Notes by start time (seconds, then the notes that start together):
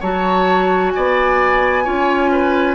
0.00 F#3 F#4 C#5 A5
0.90 D5 G#5
0.96 B3
1.84 C#4 F4 C#5
2.32 B4